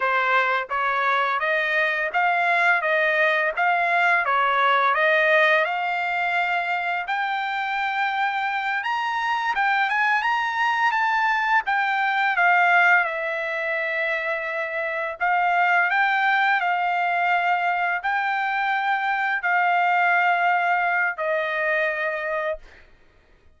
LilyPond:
\new Staff \with { instrumentName = "trumpet" } { \time 4/4 \tempo 4 = 85 c''4 cis''4 dis''4 f''4 | dis''4 f''4 cis''4 dis''4 | f''2 g''2~ | g''8 ais''4 g''8 gis''8 ais''4 a''8~ |
a''8 g''4 f''4 e''4.~ | e''4. f''4 g''4 f''8~ | f''4. g''2 f''8~ | f''2 dis''2 | }